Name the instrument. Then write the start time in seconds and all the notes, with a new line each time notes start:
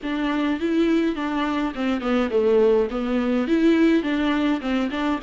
viola
0.03 D4
0.60 E4
1.15 D4
1.74 C4
2.01 B3
2.30 A3
2.90 B3
3.47 E4
4.02 D4
4.60 C4
4.90 D4